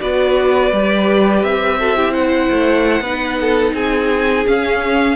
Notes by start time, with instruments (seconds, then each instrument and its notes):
0.00 cello B3, viola F#4, violin B4 D5
0.72 cello G3, viola G4
1.43 cello C4, violin E5
1.79 viola F#4, violin A4
1.96 viola E4, violin G4
2.14 violin C5 F#5
2.51 cello A3
3.01 cello B3, viola D#4, violin B4
3.41 violin A4
3.73 cello C4, violin G#4 G#5
4.46 viola C#4, cello C#4, violin F5